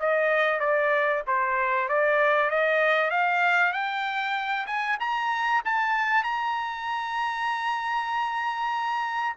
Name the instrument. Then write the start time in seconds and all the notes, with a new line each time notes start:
trumpet
0.00 D#5
0.60 D5
1.27 C5
1.89 D5
2.51 D#5
3.11 F5
3.73 G5
4.67 G#5
5.00 A#5
5.65 A5
6.24 A#5